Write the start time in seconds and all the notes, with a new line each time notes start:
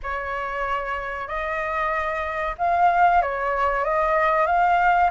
0.02 C#5
1.27 D#5
2.58 F5
3.22 C#5
3.84 D#5
4.46 F5